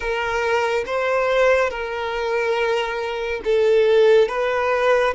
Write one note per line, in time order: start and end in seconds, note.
0.00 0.84 A#4
0.86 1.69 C5
1.69 3.41 A#4
3.44 4.28 A4
4.28 5.14 B4